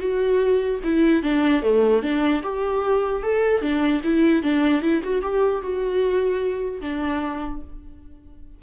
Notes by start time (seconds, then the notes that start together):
0.00 F#4
0.83 E4
1.23 D4
1.62 A3
2.02 D4
2.43 G4
3.23 A4
3.61 D4
4.03 E4
4.43 D4
4.82 E4
5.03 F#4
5.22 G4
5.62 F#4
6.81 D4